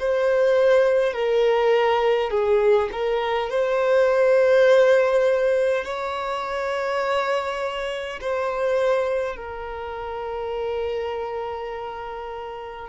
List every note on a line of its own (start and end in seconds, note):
0.00 1.13 C5
1.13 2.30 A#4
2.30 2.89 G#4
2.93 3.50 A#4
3.50 5.84 C5
5.84 8.20 C#5
8.21 9.36 C5
9.36 12.89 A#4